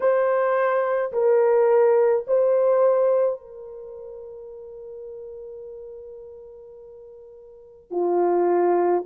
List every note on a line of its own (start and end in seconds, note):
0.00 1.12 C5
1.12 2.25 A#4
2.27 3.40 C5
3.40 7.90 A#4
7.90 9.04 F4